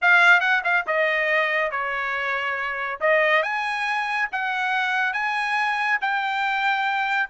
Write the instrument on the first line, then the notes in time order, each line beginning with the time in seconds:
trumpet
0.01 F5
0.40 F#5
0.64 F5
0.86 D#5
1.71 C#5
3.00 D#5
3.43 G#5
4.32 F#5
5.13 G#5
6.01 G5